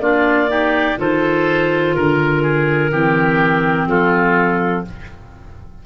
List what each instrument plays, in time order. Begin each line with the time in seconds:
0.00 tuba A#3, clarinet D4 D5, oboe F4
0.48 clarinet D#4, oboe G4
0.98 tuba D#3, clarinet F4 C5, oboe A4
1.95 tuba D3, clarinet A#4, oboe A#4
2.43 oboe G#4
2.92 tuba E3, clarinet C4, oboe G4
3.87 tuba F3, oboe F4, clarinet A4